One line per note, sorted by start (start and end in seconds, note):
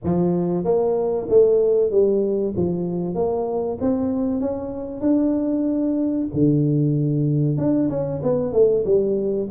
0.04 0.64 F3
0.64 1.27 A#3
1.29 1.90 A3
1.90 2.53 G3
2.56 3.14 F3
3.14 3.78 A#3
3.80 4.40 C4
4.40 5.00 C#4
5.00 6.27 D4
6.33 7.57 D3
7.57 7.89 D4
7.89 8.21 C#4
8.22 8.53 B3
8.53 8.84 A3
8.84 9.48 G3